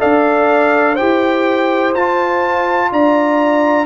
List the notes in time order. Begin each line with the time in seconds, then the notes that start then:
0.00 D4 A4 D5 F5
0.95 G4 C5 G5
1.01 E4
1.95 F4 A5
2.92 D4 D5 A#5